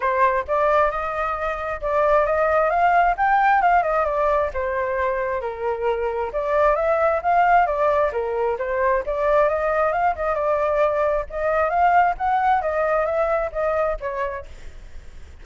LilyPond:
\new Staff \with { instrumentName = "flute" } { \time 4/4 \tempo 4 = 133 c''4 d''4 dis''2 | d''4 dis''4 f''4 g''4 | f''8 dis''8 d''4 c''2 | ais'2 d''4 e''4 |
f''4 d''4 ais'4 c''4 | d''4 dis''4 f''8 dis''8 d''4~ | d''4 dis''4 f''4 fis''4 | dis''4 e''4 dis''4 cis''4 | }